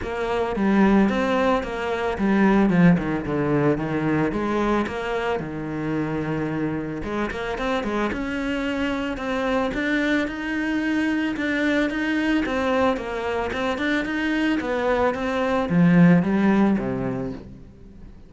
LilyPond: \new Staff \with { instrumentName = "cello" } { \time 4/4 \tempo 4 = 111 ais4 g4 c'4 ais4 | g4 f8 dis8 d4 dis4 | gis4 ais4 dis2~ | dis4 gis8 ais8 c'8 gis8 cis'4~ |
cis'4 c'4 d'4 dis'4~ | dis'4 d'4 dis'4 c'4 | ais4 c'8 d'8 dis'4 b4 | c'4 f4 g4 c4 | }